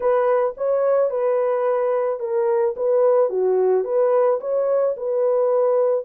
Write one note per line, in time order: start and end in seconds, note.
0.00 0.55 B4
0.57 1.10 C#5
1.10 2.19 B4
2.19 2.74 A#4
2.76 3.29 B4
3.29 3.84 F#4
3.84 4.39 B4
4.40 4.95 C#5
4.97 6.04 B4